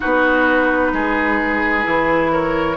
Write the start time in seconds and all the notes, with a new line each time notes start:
0.00 B3 D#4 F#4 B4
0.92 G#3 G#4
1.83 E3 E4
2.32 A#4 C#5